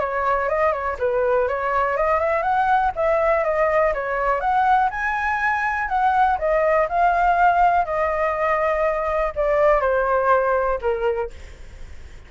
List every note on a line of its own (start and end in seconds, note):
0.00 0.49 C#5
0.49 0.73 D#5
0.73 0.97 C#5
0.99 1.48 B4
1.48 1.98 C#5
1.98 2.20 D#5
2.20 2.43 E5
2.43 2.92 F#5
2.96 3.44 E5
3.44 3.94 D#5
3.95 4.41 C#5
4.41 4.90 F#5
4.91 5.89 G#5
5.89 6.38 F#5
6.39 6.88 D#5
6.89 7.86 F5
7.86 9.33 D#5
9.36 9.82 D5
9.82 10.80 C5
10.82 11.31 A#4